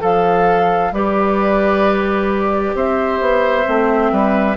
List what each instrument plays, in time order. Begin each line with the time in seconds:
0.00 bassoon F3, clarinet A4, oboe A4, flute F5
0.92 bassoon G3, clarinet G4, oboe B4, flute D5
2.75 bassoon C4, oboe C5, flute E5
3.21 bassoon B3
3.65 bassoon A3, clarinet C4
4.12 bassoon G3, oboe B4